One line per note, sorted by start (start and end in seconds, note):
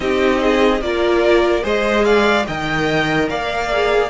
0.00 0.81 C4
0.00 0.82 D#4
0.00 0.40 G4
0.00 0.82 D#5
0.40 0.81 G#4
0.81 1.63 A#3
0.81 1.61 F4
0.81 1.63 A#4
0.81 1.64 D5
1.61 2.46 G#3
1.61 2.44 G#4
1.61 2.04 C5
1.61 2.04 D#5
2.04 2.46 D5
2.04 2.45 F5
2.46 3.29 D#3
2.46 3.72 A#4
2.46 3.29 D#5
2.46 3.29 G5
3.29 4.10 A#3
3.29 4.10 D5
3.29 4.10 F5
3.72 4.10 G#4